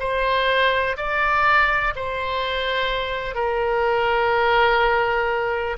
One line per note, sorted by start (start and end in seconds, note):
0.00 0.97 C5
0.97 1.94 D5
1.96 3.35 C5
3.35 5.77 A#4